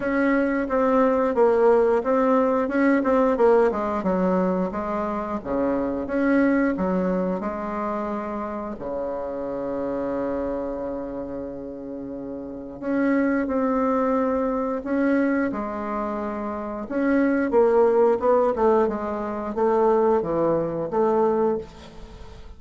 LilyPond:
\new Staff \with { instrumentName = "bassoon" } { \time 4/4 \tempo 4 = 89 cis'4 c'4 ais4 c'4 | cis'8 c'8 ais8 gis8 fis4 gis4 | cis4 cis'4 fis4 gis4~ | gis4 cis2.~ |
cis2. cis'4 | c'2 cis'4 gis4~ | gis4 cis'4 ais4 b8 a8 | gis4 a4 e4 a4 | }